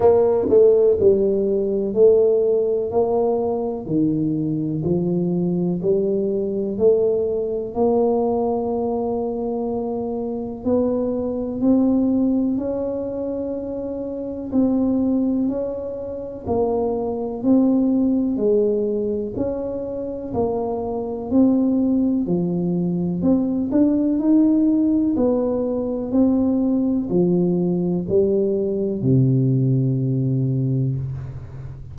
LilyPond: \new Staff \with { instrumentName = "tuba" } { \time 4/4 \tempo 4 = 62 ais8 a8 g4 a4 ais4 | dis4 f4 g4 a4 | ais2. b4 | c'4 cis'2 c'4 |
cis'4 ais4 c'4 gis4 | cis'4 ais4 c'4 f4 | c'8 d'8 dis'4 b4 c'4 | f4 g4 c2 | }